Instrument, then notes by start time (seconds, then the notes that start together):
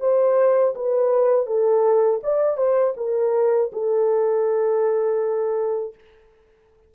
horn
0.00 C5
0.75 B4
1.46 A4
2.23 D5
2.57 C5
2.97 A#4
3.72 A4